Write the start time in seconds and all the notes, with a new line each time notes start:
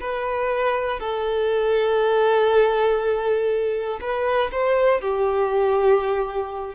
0.00 B4
0.99 A4
4.00 B4
4.51 C5
5.00 G4